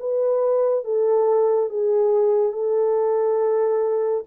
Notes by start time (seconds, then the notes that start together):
0.00 B4
0.85 A4
1.69 G#4
2.53 A4